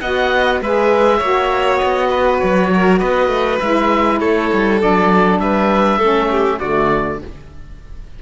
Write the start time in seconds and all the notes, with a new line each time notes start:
0.00 B3 F#4 D#5 F#5
0.60 G#3 G#4 B4 E5
1.17 A#3 F#4 C#5
1.77 B3 D#5
2.09 B4
2.39 F#3 C#5
2.73 A#4
2.98 B3 B4 D#5
3.28 A3
3.59 G#3 E4 E5
4.19 A3 A4 C#5
4.52 G3
4.79 F#3 D4 D5
5.38 G3 B4 E5
5.98 A3 C#4 A4
6.30 G4
6.59 D3 A3 F#4 D5